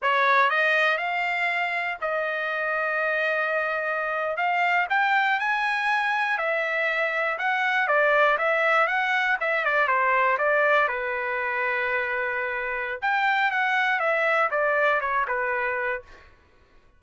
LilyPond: \new Staff \with { instrumentName = "trumpet" } { \time 4/4 \tempo 4 = 120 cis''4 dis''4 f''2 | dis''1~ | dis''8. f''4 g''4 gis''4~ gis''16~ | gis''8. e''2 fis''4 d''16~ |
d''8. e''4 fis''4 e''8 d''8 c''16~ | c''8. d''4 b'2~ b'16~ | b'2 g''4 fis''4 | e''4 d''4 cis''8 b'4. | }